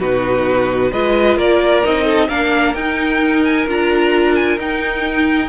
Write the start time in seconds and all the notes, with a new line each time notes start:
0.00 B2 D#4 F#4 B4
0.92 G#3 F4 B4 D#5
1.37 A#3 A#4 D5
1.83 C4 D#4 D#5
2.05 A4
2.29 A#3 D4 A#4 F5
2.75 D#4 G5
3.45 G#5
3.67 D4 F4 A#5
4.36 G#5
4.58 D#4 G5